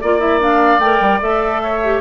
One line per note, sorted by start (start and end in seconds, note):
0.00 0.79 A#3
0.00 0.19 F4
0.00 0.20 D5
0.00 1.63 D5
0.19 0.39 E4
0.19 0.40 E5
0.39 0.80 D4
0.39 0.80 F5
0.79 0.99 A3
0.79 1.21 A#4
0.79 1.20 G5
1.00 1.20 G3
1.21 2.01 A3
1.21 1.81 A4
1.21 2.01 E5
1.63 2.01 C#5
1.83 2.01 G4